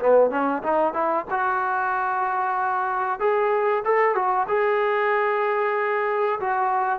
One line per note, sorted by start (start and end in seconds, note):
0.00 0.31 B3
0.31 0.63 C#4
0.63 0.94 D#4
0.94 1.26 E4
1.31 3.20 F#4
3.20 3.84 G#4
3.85 4.15 A4
4.15 4.47 F#4
4.48 6.40 G#4
6.40 7.00 F#4